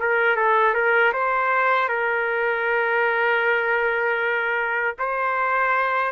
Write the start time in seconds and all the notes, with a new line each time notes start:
0.00 A#4
0.36 A4
0.74 A#4
1.13 C5
1.88 A#4
4.99 C5